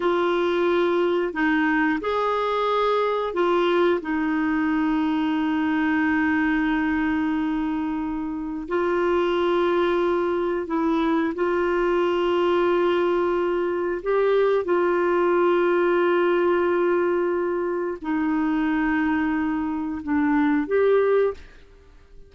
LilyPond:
\new Staff \with { instrumentName = "clarinet" } { \time 4/4 \tempo 4 = 90 f'2 dis'4 gis'4~ | gis'4 f'4 dis'2~ | dis'1~ | dis'4 f'2. |
e'4 f'2.~ | f'4 g'4 f'2~ | f'2. dis'4~ | dis'2 d'4 g'4 | }